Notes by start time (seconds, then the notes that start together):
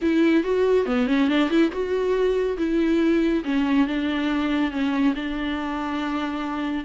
0.01 E4
0.43 F#4
0.86 B3
1.07 C#4
1.28 D4
1.49 E4
1.71 F#4
2.57 E4
3.44 C#4
3.87 D4
4.71 C#4
5.15 D4